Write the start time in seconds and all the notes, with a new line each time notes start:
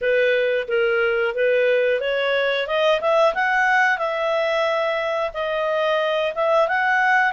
0.01 B4
0.68 A#4
1.35 B4
2.00 C#5
2.67 D#5
3.00 E5
3.34 F#5
3.98 E5
5.33 D#5
6.35 E5
6.68 F#5